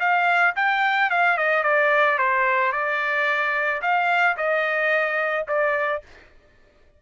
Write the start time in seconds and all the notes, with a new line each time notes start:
0.00 F5
0.56 G5
1.10 F5
1.37 D#5
1.64 D5
2.18 C5
2.72 D5
3.82 F5
4.37 D#5
5.48 D5